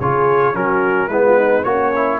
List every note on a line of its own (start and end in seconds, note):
0.00 0.54 C#3
0.00 0.54 F4
0.00 0.54 G#4
0.00 0.55 C#5
0.54 1.08 F#3
0.54 1.10 C#4
0.54 1.09 F#4
0.54 1.08 A#4
1.08 1.64 G#3
1.08 1.64 B3
1.08 1.23 E4
1.08 1.64 B4
1.25 1.38 F4
1.38 1.66 D#4
1.64 2.20 A#3
1.64 2.20 C#4
1.64 1.92 F#4
1.64 2.19 C#5
1.95 2.20 E4